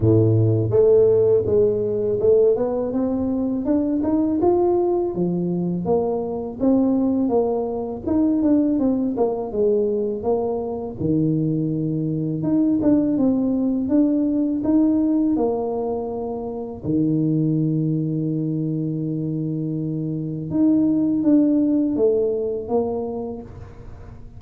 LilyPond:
\new Staff \with { instrumentName = "tuba" } { \time 4/4 \tempo 4 = 82 a,4 a4 gis4 a8 b8 | c'4 d'8 dis'8 f'4 f4 | ais4 c'4 ais4 dis'8 d'8 | c'8 ais8 gis4 ais4 dis4~ |
dis4 dis'8 d'8 c'4 d'4 | dis'4 ais2 dis4~ | dis1 | dis'4 d'4 a4 ais4 | }